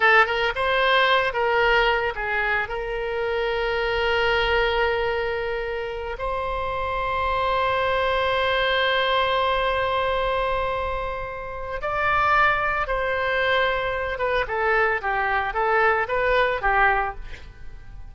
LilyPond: \new Staff \with { instrumentName = "oboe" } { \time 4/4 \tempo 4 = 112 a'8 ais'8 c''4. ais'4. | gis'4 ais'2.~ | ais'2.~ ais'8 c''8~ | c''1~ |
c''1~ | c''2 d''2 | c''2~ c''8 b'8 a'4 | g'4 a'4 b'4 g'4 | }